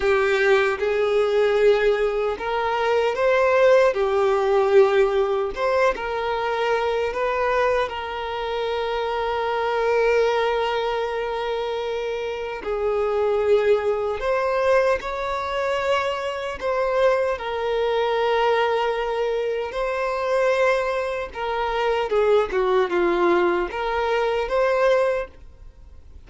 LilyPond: \new Staff \with { instrumentName = "violin" } { \time 4/4 \tempo 4 = 76 g'4 gis'2 ais'4 | c''4 g'2 c''8 ais'8~ | ais'4 b'4 ais'2~ | ais'1 |
gis'2 c''4 cis''4~ | cis''4 c''4 ais'2~ | ais'4 c''2 ais'4 | gis'8 fis'8 f'4 ais'4 c''4 | }